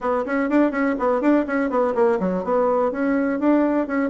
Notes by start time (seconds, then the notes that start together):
0.00 B3
0.25 C#4
0.49 D4
0.71 C#4
0.98 B3
1.21 D4
1.46 C#4
1.70 B3
1.94 A#3
2.19 F#3
2.43 B3
2.91 C#4
3.39 D4
3.87 C#4